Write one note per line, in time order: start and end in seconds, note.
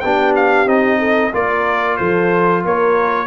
0.00 0.66 B3
0.00 0.67 D4
0.00 0.99 G4
0.00 0.33 G5
0.36 0.68 F5
0.66 1.31 C4
0.66 1.32 D#4
0.66 1.34 D#5
0.99 1.32 A4
1.33 1.99 A#3
1.33 3.27 F4
1.33 1.98 A#4
1.33 1.97 D5
1.97 2.65 F3
1.97 2.63 A4
1.97 2.62 C5
2.63 3.27 A#3
2.63 3.27 A#4
2.63 3.27 C#5